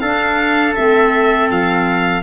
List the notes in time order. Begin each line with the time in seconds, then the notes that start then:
0.00 D4 A4 F5
0.76 A3 C4 E5
1.51 F3 F5